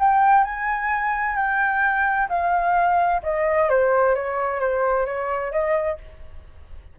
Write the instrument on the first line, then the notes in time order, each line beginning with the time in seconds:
flute
0.00 G5
0.45 G#5
1.36 G5
2.29 F5
3.23 D#5
3.70 C5
4.15 C#5
4.61 C5
5.06 C#5
5.52 D#5